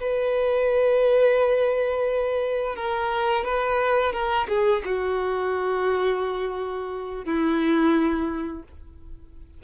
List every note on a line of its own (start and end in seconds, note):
0.00 2.76 B4
2.76 3.45 A#4
3.45 4.12 B4
4.12 4.47 A#4
4.48 4.82 G#4
4.85 7.25 F#4
7.25 8.63 E4